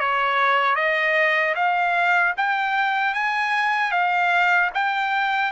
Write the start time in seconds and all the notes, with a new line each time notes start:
0.00 C#5
0.76 D#5
1.55 F5
2.38 G5
3.15 G#5
3.92 F5
4.75 G5